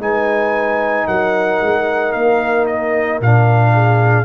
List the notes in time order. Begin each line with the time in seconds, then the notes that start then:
0.00 G#3 D#4 B4 G#5
1.07 F#3 A#4 F#5
1.62 G#3
2.13 A#3 F5
2.67 D#5
3.21 A#2 D4 F5
3.74 G#4